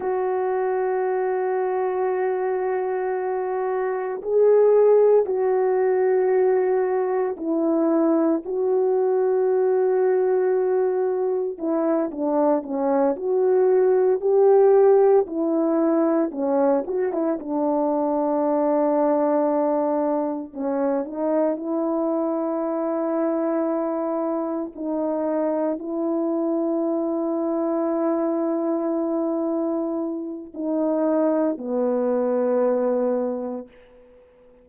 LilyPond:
\new Staff \with { instrumentName = "horn" } { \time 4/4 \tempo 4 = 57 fis'1 | gis'4 fis'2 e'4 | fis'2. e'8 d'8 | cis'8 fis'4 g'4 e'4 cis'8 |
fis'16 e'16 d'2. cis'8 | dis'8 e'2. dis'8~ | dis'8 e'2.~ e'8~ | e'4 dis'4 b2 | }